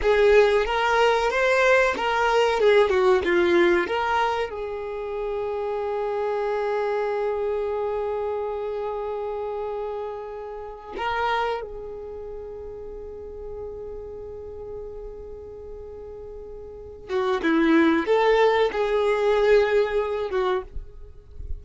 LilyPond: \new Staff \with { instrumentName = "violin" } { \time 4/4 \tempo 4 = 93 gis'4 ais'4 c''4 ais'4 | gis'8 fis'8 f'4 ais'4 gis'4~ | gis'1~ | gis'1~ |
gis'4 ais'4 gis'2~ | gis'1~ | gis'2~ gis'8 fis'8 e'4 | a'4 gis'2~ gis'8 fis'8 | }